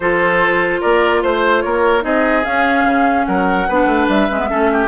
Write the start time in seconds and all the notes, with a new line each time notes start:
0.00 F3 F4 A4 C5
0.80 A#3 A#4 D5
1.22 A3 C5
1.61 A#3 A#4 C#5
2.01 C4 D#4 G#4 D#5
2.43 C#4 F5
2.83 C#3
3.25 F#3 A#4 F#5
3.68 B3 D4 B4
3.86 A3
4.08 G3 E5
4.30 G#3 C#4
4.38 B3
4.49 A3 C#4 A4
4.72 G4